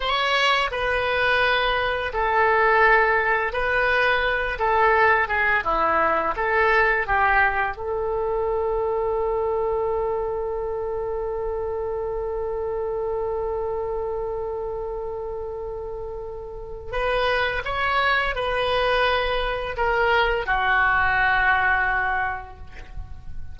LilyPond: \new Staff \with { instrumentName = "oboe" } { \time 4/4 \tempo 4 = 85 cis''4 b'2 a'4~ | a'4 b'4. a'4 gis'8 | e'4 a'4 g'4 a'4~ | a'1~ |
a'1~ | a'1 | b'4 cis''4 b'2 | ais'4 fis'2. | }